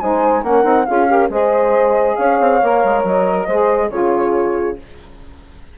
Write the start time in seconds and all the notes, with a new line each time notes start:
0.00 G#3 D#4 C5 G#5
0.43 A#3 C#4 A#4 F#5
0.64 C4 D#4
0.86 C#4 F4 G#4 F5
1.07 G4 A#4
1.30 G#3 G#4 C5 D#5
2.16 C#4 C#5 F5
2.40 C4
2.62 A#3 A#4
2.85 G#3
3.04 F#3 D#5
3.47 G#3 G#4 C5
3.90 C#3 F4 G#4 C#5